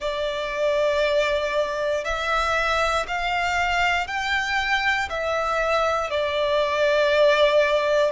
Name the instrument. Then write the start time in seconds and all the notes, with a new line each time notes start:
violin
0.00 D5
2.04 E5
3.07 F5
4.07 G5
5.09 E5
6.10 D5